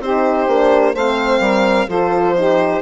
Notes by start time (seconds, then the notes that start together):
0.00 C4 D#4 G4 C5
0.47 A#3 D4
0.94 A3 C4 C5 F5
1.39 G3 A#4
1.88 F3 F4 A4 C5
2.36 D#4 G4